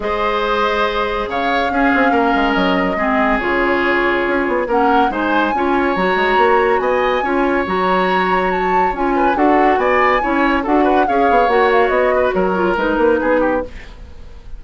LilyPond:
<<
  \new Staff \with { instrumentName = "flute" } { \time 4/4 \tempo 4 = 141 dis''2. f''4~ | f''2 dis''2 | cis''2. fis''4 | gis''2 ais''2 |
gis''2 ais''2 | a''4 gis''4 fis''4 gis''4~ | gis''4 fis''4 f''4 fis''8 f''8 | dis''4 cis''4 b'2 | }
  \new Staff \with { instrumentName = "oboe" } { \time 4/4 c''2. cis''4 | gis'4 ais'2 gis'4~ | gis'2. ais'4 | c''4 cis''2. |
dis''4 cis''2.~ | cis''4. b'8 a'4 d''4 | cis''4 a'8 b'8 cis''2~ | cis''8 b'8 ais'2 gis'8 g'8 | }
  \new Staff \with { instrumentName = "clarinet" } { \time 4/4 gis'1 | cis'2. c'4 | f'2. cis'4 | dis'4 f'4 fis'2~ |
fis'4 f'4 fis'2~ | fis'4 f'4 fis'2 | e'4 fis'4 gis'4 fis'4~ | fis'4. f'8 dis'2 | }
  \new Staff \with { instrumentName = "bassoon" } { \time 4/4 gis2. cis4 | cis'8 c'8 ais8 gis8 fis4 gis4 | cis2 cis'8 b8 ais4 | gis4 cis'4 fis8 gis8 ais4 |
b4 cis'4 fis2~ | fis4 cis'4 d'4 b4 | cis'4 d'4 cis'8 b8 ais4 | b4 fis4 gis8 ais8 b4 | }
>>